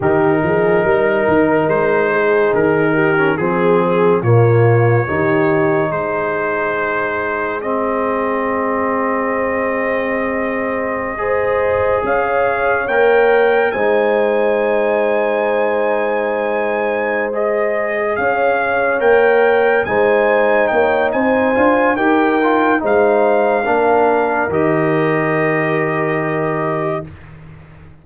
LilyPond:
<<
  \new Staff \with { instrumentName = "trumpet" } { \time 4/4 \tempo 4 = 71 ais'2 c''4 ais'4 | gis'4 cis''2 c''4~ | c''4 dis''2.~ | dis''2~ dis''16 f''4 g''8.~ |
g''16 gis''2.~ gis''8.~ | gis''8 dis''4 f''4 g''4 gis''8~ | gis''8 g''8 gis''4 g''4 f''4~ | f''4 dis''2. | }
  \new Staff \with { instrumentName = "horn" } { \time 4/4 g'8 gis'8 ais'4. gis'4 g'8 | gis'4 f'4 g'4 gis'4~ | gis'1~ | gis'4~ gis'16 c''4 cis''4.~ cis''16~ |
cis''16 c''2.~ c''8.~ | c''4. cis''2 c''8~ | c''8 cis''8 c''4 ais'4 c''4 | ais'1 | }
  \new Staff \with { instrumentName = "trombone" } { \time 4/4 dis'2.~ dis'8. cis'16 | c'4 ais4 dis'2~ | dis'4 c'2.~ | c'4~ c'16 gis'2 ais'8.~ |
ais'16 dis'2.~ dis'8.~ | dis'8 gis'2 ais'4 dis'8~ | dis'4. f'8 g'8 f'8 dis'4 | d'4 g'2. | }
  \new Staff \with { instrumentName = "tuba" } { \time 4/4 dis8 f8 g8 dis8 gis4 dis4 | f4 ais,4 dis4 gis4~ | gis1~ | gis2~ gis16 cis'4 ais8.~ |
ais16 gis2.~ gis8.~ | gis4. cis'4 ais4 gis8~ | gis8 ais8 c'8 d'8 dis'4 gis4 | ais4 dis2. | }
>>